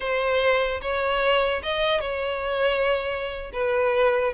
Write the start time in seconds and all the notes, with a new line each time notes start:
0.00 C5
0.81 C#5
1.62 D#5
2.00 C#5
3.53 B4